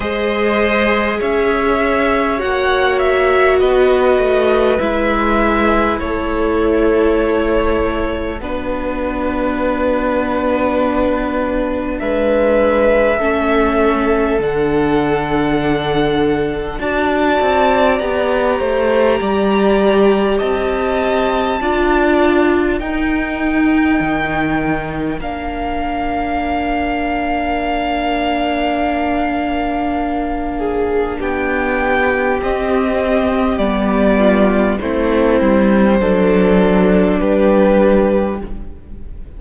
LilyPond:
<<
  \new Staff \with { instrumentName = "violin" } { \time 4/4 \tempo 4 = 50 dis''4 e''4 fis''8 e''8 dis''4 | e''4 cis''2 b'4~ | b'2 e''2 | fis''2 a''4 ais''4~ |
ais''4 a''2 g''4~ | g''4 f''2.~ | f''2 g''4 dis''4 | d''4 c''2 b'4 | }
  \new Staff \with { instrumentName = "violin" } { \time 4/4 c''4 cis''2 b'4~ | b'4 a'2 fis'4~ | fis'2 b'4 a'4~ | a'2 d''4. c''8 |
d''4 dis''4 d''4 ais'4~ | ais'1~ | ais'4. gis'8 g'2~ | g'8 f'8 e'4 a'4 g'4 | }
  \new Staff \with { instrumentName = "viola" } { \time 4/4 gis'2 fis'2 | e'2. d'4~ | d'2. cis'4 | d'2 fis'4 g'4~ |
g'2 f'4 dis'4~ | dis'4 d'2.~ | d'2. c'4 | b4 c'4 d'2 | }
  \new Staff \with { instrumentName = "cello" } { \time 4/4 gis4 cis'4 ais4 b8 a8 | gis4 a2 b4~ | b2 gis4 a4 | d2 d'8 c'8 b8 a8 |
g4 c'4 d'4 dis'4 | dis4 ais2.~ | ais2 b4 c'4 | g4 a8 g8 fis4 g4 | }
>>